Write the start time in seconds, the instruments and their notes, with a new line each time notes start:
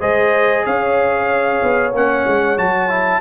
0.00 tuba G#3, trombone G#4, horn C5, trumpet D#5
0.66 tuba C#4, horn C#5, trumpet F5
1.63 tuba B3
1.93 tuba A#3, trombone C#4, trumpet F#5
2.27 tuba G#3
2.58 tuba F#3, trombone F#4, trumpet A5
2.90 trombone E4